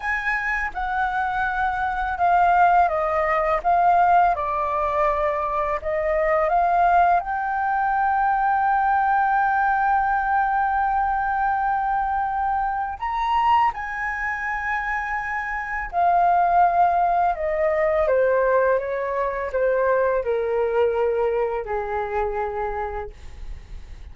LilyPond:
\new Staff \with { instrumentName = "flute" } { \time 4/4 \tempo 4 = 83 gis''4 fis''2 f''4 | dis''4 f''4 d''2 | dis''4 f''4 g''2~ | g''1~ |
g''2 ais''4 gis''4~ | gis''2 f''2 | dis''4 c''4 cis''4 c''4 | ais'2 gis'2 | }